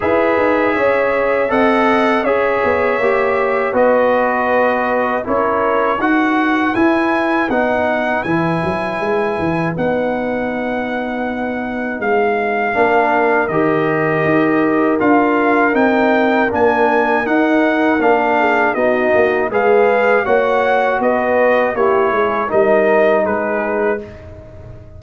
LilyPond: <<
  \new Staff \with { instrumentName = "trumpet" } { \time 4/4 \tempo 4 = 80 e''2 fis''4 e''4~ | e''4 dis''2 cis''4 | fis''4 gis''4 fis''4 gis''4~ | gis''4 fis''2. |
f''2 dis''2 | f''4 g''4 gis''4 fis''4 | f''4 dis''4 f''4 fis''4 | dis''4 cis''4 dis''4 b'4 | }
  \new Staff \with { instrumentName = "horn" } { \time 4/4 b'4 cis''4 dis''4 cis''4~ | cis''4 b'2 ais'4 | b'1~ | b'1~ |
b'4 ais'2.~ | ais'1~ | ais'8 gis'8 fis'4 b'4 cis''4 | b'4 g'8 gis'8 ais'4 gis'4 | }
  \new Staff \with { instrumentName = "trombone" } { \time 4/4 gis'2 a'4 gis'4 | g'4 fis'2 e'4 | fis'4 e'4 dis'4 e'4~ | e'4 dis'2.~ |
dis'4 d'4 g'2 | f'4 dis'4 d'4 dis'4 | d'4 dis'4 gis'4 fis'4~ | fis'4 e'4 dis'2 | }
  \new Staff \with { instrumentName = "tuba" } { \time 4/4 e'8 dis'8 cis'4 c'4 cis'8 b8 | ais4 b2 cis'4 | dis'4 e'4 b4 e8 fis8 | gis8 e8 b2. |
gis4 ais4 dis4 dis'4 | d'4 c'4 ais4 dis'4 | ais4 b8 ais8 gis4 ais4 | b4 ais8 gis8 g4 gis4 | }
>>